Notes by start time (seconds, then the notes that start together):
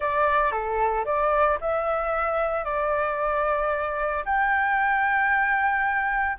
0.00 D5
0.51 A4
1.05 D5
1.60 E5
2.64 D5
4.25 G5